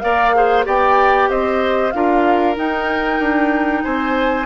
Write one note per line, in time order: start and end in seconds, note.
0.00 0.66 A#3
0.00 0.33 A#4
0.00 0.36 D5
0.00 0.64 F5
0.35 0.65 G#4
0.35 0.66 C5
0.65 1.30 B3
0.65 1.92 G4
0.65 1.30 D5
0.65 1.30 G5
1.30 1.93 C4
1.30 1.94 C5
1.30 1.91 D#5
1.91 2.57 D4
1.91 2.56 F4
1.91 3.84 A#4
1.91 2.55 F5
2.56 4.47 D#4
2.56 3.19 D#4
2.56 3.84 G5
3.19 3.83 D4
3.84 4.47 C4
3.84 4.47 C5
3.84 4.47 G#5